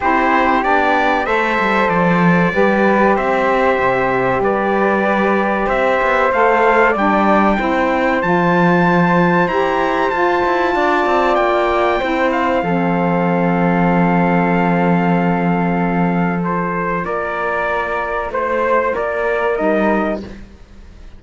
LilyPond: <<
  \new Staff \with { instrumentName = "trumpet" } { \time 4/4 \tempo 4 = 95 c''4 d''4 e''4 d''4~ | d''4 e''2 d''4~ | d''4 e''4 f''4 g''4~ | g''4 a''2 ais''4 |
a''2 g''4. f''8~ | f''1~ | f''2 c''4 d''4~ | d''4 c''4 d''4 dis''4 | }
  \new Staff \with { instrumentName = "flute" } { \time 4/4 g'2 c''2 | b'4 c''2 b'4~ | b'4 c''2 d''4 | c''1~ |
c''4 d''2 c''4 | a'1~ | a'2. ais'4~ | ais'4 c''4 ais'2 | }
  \new Staff \with { instrumentName = "saxophone" } { \time 4/4 e'4 d'4 a'2 | g'1~ | g'2 a'4 d'4 | e'4 f'2 g'4 |
f'2. e'4 | c'1~ | c'2 f'2~ | f'2. dis'4 | }
  \new Staff \with { instrumentName = "cello" } { \time 4/4 c'4 b4 a8 g8 f4 | g4 c'4 c4 g4~ | g4 c'8 b8 a4 g4 | c'4 f2 e'4 |
f'8 e'8 d'8 c'8 ais4 c'4 | f1~ | f2. ais4~ | ais4 a4 ais4 g4 | }
>>